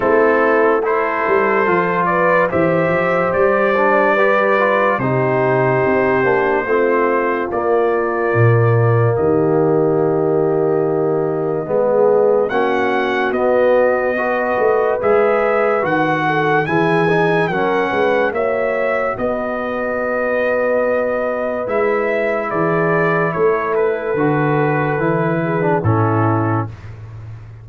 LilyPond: <<
  \new Staff \with { instrumentName = "trumpet" } { \time 4/4 \tempo 4 = 72 a'4 c''4. d''8 e''4 | d''2 c''2~ | c''4 d''2 dis''4~ | dis''2. fis''4 |
dis''2 e''4 fis''4 | gis''4 fis''4 e''4 dis''4~ | dis''2 e''4 d''4 | cis''8 b'2~ b'8 a'4 | }
  \new Staff \with { instrumentName = "horn" } { \time 4/4 e'4 a'4. b'8 c''4~ | c''4 b'4 g'2 | f'2. g'4~ | g'2 gis'4 fis'4~ |
fis'4 b'2~ b'8 a'8 | gis'4 ais'8 b'8 cis''4 b'4~ | b'2. gis'4 | a'2~ a'8 gis'8 e'4 | }
  \new Staff \with { instrumentName = "trombone" } { \time 4/4 c'4 e'4 f'4 g'4~ | g'8 d'8 g'8 f'8 dis'4. d'8 | c'4 ais2.~ | ais2 b4 cis'4 |
b4 fis'4 gis'4 fis'4 | e'8 dis'8 cis'4 fis'2~ | fis'2 e'2~ | e'4 fis'4 e'8. d'16 cis'4 | }
  \new Staff \with { instrumentName = "tuba" } { \time 4/4 a4. g8 f4 e8 f8 | g2 c4 c'8 ais8 | a4 ais4 ais,4 dis4~ | dis2 gis4 ais4 |
b4. a8 gis4 dis4 | e4 fis8 gis8 ais4 b4~ | b2 gis4 e4 | a4 d4 e4 a,4 | }
>>